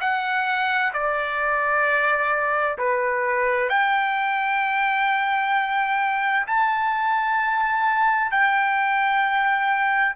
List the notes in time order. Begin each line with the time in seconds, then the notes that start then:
0.00 F#5
0.93 D5
2.78 B4
3.69 G5
6.47 A5
8.31 G5